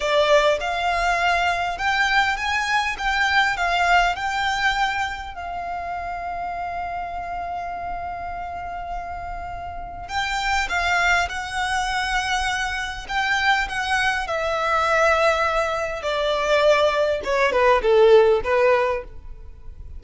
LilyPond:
\new Staff \with { instrumentName = "violin" } { \time 4/4 \tempo 4 = 101 d''4 f''2 g''4 | gis''4 g''4 f''4 g''4~ | g''4 f''2.~ | f''1~ |
f''4 g''4 f''4 fis''4~ | fis''2 g''4 fis''4 | e''2. d''4~ | d''4 cis''8 b'8 a'4 b'4 | }